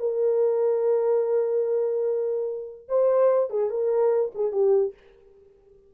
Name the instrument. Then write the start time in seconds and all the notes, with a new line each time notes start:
horn
0.00 A#4
2.89 C5
3.51 G#4
3.71 A#4
4.35 G#4
4.53 G4